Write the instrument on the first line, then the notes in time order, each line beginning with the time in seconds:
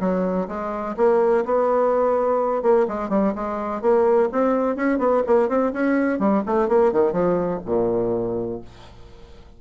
bassoon
0.00 F#3
0.48 G#3
0.97 A#3
1.45 B3
2.62 A#3
2.88 G#3
3.09 G3
3.35 G#3
3.81 A#3
4.32 C4
4.76 C#4
4.98 B3
5.27 A#3
5.48 C4
5.73 C#4
6.19 G3
6.46 A3
6.68 A#3
6.92 D#3
7.12 F3
7.65 A#2